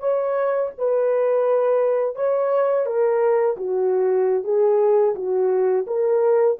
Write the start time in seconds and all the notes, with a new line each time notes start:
0.00 C#5
0.78 B4
2.16 C#5
2.86 A#4
3.57 F#4
4.44 G#4
5.15 F#4
5.87 A#4